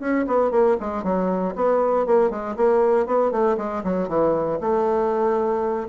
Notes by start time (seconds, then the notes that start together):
0.00 C#4
0.27 B3
0.51 A#3
0.80 G#3
1.04 F#3
1.55 B3
2.07 A#3
2.30 G#3
2.57 A#3
3.06 B3
3.31 A3
3.58 G#3
3.84 F#3
4.08 E3
4.61 A3